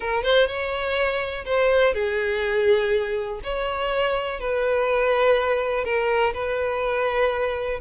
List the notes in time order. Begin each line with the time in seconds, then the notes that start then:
0.00 A#4
0.23 C5
0.47 C#5
1.45 C5
1.94 G#4
3.43 C#5
4.40 B4
5.84 A#4
6.33 B4